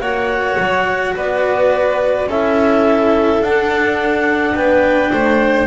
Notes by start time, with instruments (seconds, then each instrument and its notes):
0.00 double bass A#3, cello F#4, violin C#5, clarinet F#5
0.59 double bass F#3
1.15 double bass B3, violin B4, clarinet D5
2.26 double bass C#4, cello E4, violin A4, clarinet E5
3.39 double bass D4, cello D4, clarinet F#5
4.54 double bass B3, violin B4, clarinet G5
5.11 double bass A3, violin C5